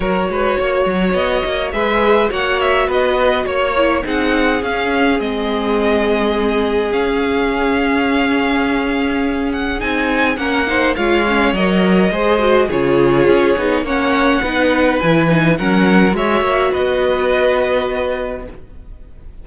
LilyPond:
<<
  \new Staff \with { instrumentName = "violin" } { \time 4/4 \tempo 4 = 104 cis''2 dis''4 e''4 | fis''8 e''8 dis''4 cis''4 fis''4 | f''4 dis''2. | f''1~ |
f''8 fis''8 gis''4 fis''4 f''4 | dis''2 cis''2 | fis''2 gis''4 fis''4 | e''4 dis''2. | }
  \new Staff \with { instrumentName = "violin" } { \time 4/4 ais'8 b'8 cis''2 b'4 | cis''4 b'4 cis''4 gis'4~ | gis'1~ | gis'1~ |
gis'2 ais'8 c''8 cis''4~ | cis''4 c''4 gis'2 | cis''4 b'2 ais'4 | cis''4 b'2. | }
  \new Staff \with { instrumentName = "viola" } { \time 4/4 fis'2. gis'4 | fis'2~ fis'8 e'8 dis'4 | cis'4 c'2. | cis'1~ |
cis'4 dis'4 cis'8 dis'8 f'8 cis'8 | ais'4 gis'8 fis'8 f'4. dis'8 | cis'4 dis'4 e'8 dis'8 cis'4 | fis'1 | }
  \new Staff \with { instrumentName = "cello" } { \time 4/4 fis8 gis8 ais8 fis8 b8 ais8 gis4 | ais4 b4 ais4 c'4 | cis'4 gis2. | cis'1~ |
cis'4 c'4 ais4 gis4 | fis4 gis4 cis4 cis'8 b8 | ais4 b4 e4 fis4 | gis8 ais8 b2. | }
>>